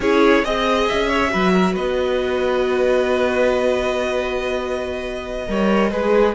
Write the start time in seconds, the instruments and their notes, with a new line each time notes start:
0.00 cello C#4, viola E4, violin G#4 C#5
0.44 cello C4, viola G#4, violin D#5
0.87 cello C#4, violin E5
1.08 violin C#5
1.29 cello F#3, viola F#4, violin B4
1.53 violin A#4
1.73 cello B3, violin B4 D#5
5.47 cello G3, viola A#4, violin C#5
5.90 cello G#3, viola G#4, violin B4